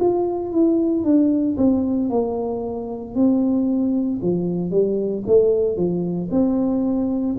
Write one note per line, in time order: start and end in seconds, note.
0.00 0.52 F4
0.52 1.04 E4
1.04 1.57 D4
1.57 2.10 C4
2.10 3.15 A#3
3.15 4.21 C4
4.22 4.71 F3
4.71 5.24 G3
5.27 5.77 A3
5.77 6.29 F3
6.31 7.36 C4